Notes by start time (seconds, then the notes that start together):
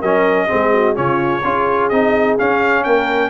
0.00 F#3 C#4 A#4 D#5
0.48 G#3 C4 G#4
0.73 F#4
0.95 C#3 C#4 F4 C#5
1.44 C#4 F4 G#4
1.89 C4 D#4 D#5
2.38 C#4 F5
2.84 A#3 A#4 G5